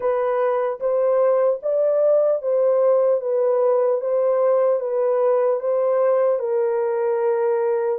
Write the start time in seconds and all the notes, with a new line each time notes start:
0.00 B4
0.80 C5
1.62 D5
2.41 C5
3.20 B4
4.00 C5
4.80 B4
5.60 C5
6.39 A#4